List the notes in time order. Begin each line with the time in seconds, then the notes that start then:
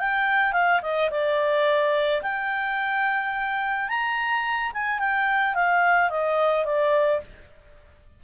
0.00 G5
0.53 F5
0.83 D#5
1.11 D5
2.23 G5
3.89 A#5
4.74 G#5
5.00 G5
5.55 F5
6.10 D#5
6.66 D5